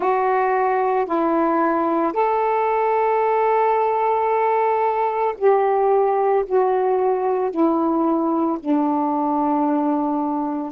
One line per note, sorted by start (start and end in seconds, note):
0.00 1.05 F#4
1.05 2.12 E4
2.13 5.34 A4
5.37 6.44 G4
6.45 7.50 F#4
7.50 8.58 E4
8.60 10.72 D4